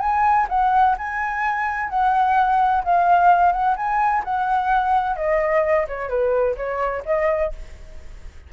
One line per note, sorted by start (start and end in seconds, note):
0.00 0.47 G#5
0.49 0.96 F#5
0.98 1.90 G#5
1.90 2.83 F#5
2.84 3.52 F5
3.52 3.76 F#5
3.76 4.23 G#5
4.24 5.16 F#5
5.16 5.87 D#5
5.88 6.09 C#5
6.09 6.56 B4
6.57 7.04 C#5
7.06 7.53 D#5